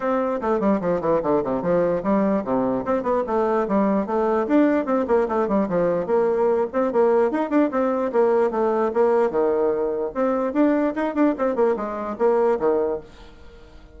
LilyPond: \new Staff \with { instrumentName = "bassoon" } { \time 4/4 \tempo 4 = 148 c'4 a8 g8 f8 e8 d8 c8 | f4 g4 c4 c'8 b8 | a4 g4 a4 d'4 | c'8 ais8 a8 g8 f4 ais4~ |
ais8 c'8 ais4 dis'8 d'8 c'4 | ais4 a4 ais4 dis4~ | dis4 c'4 d'4 dis'8 d'8 | c'8 ais8 gis4 ais4 dis4 | }